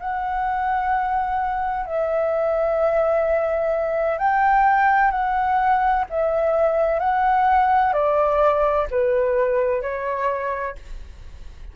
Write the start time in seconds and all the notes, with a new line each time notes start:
0.00 F#5
1.86 E5
4.18 G5
5.11 F#5
6.10 E5
7.00 F#5
7.93 D5
8.91 B4
9.82 C#5